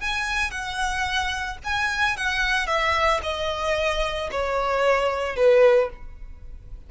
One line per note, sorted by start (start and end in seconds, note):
0.00 0.50 G#5
0.50 1.57 F#5
1.63 2.16 G#5
2.16 2.66 F#5
2.66 3.20 E5
3.22 4.30 D#5
4.31 5.35 C#5
5.35 5.89 B4